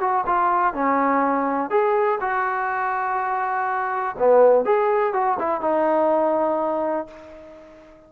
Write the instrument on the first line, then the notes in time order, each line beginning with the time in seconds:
trombone
0.00 F#4
0.26 F4
0.73 C#4
1.70 G#4
2.20 F#4
4.18 B3
4.65 G#4
5.13 F#4
5.39 E4
5.61 D#4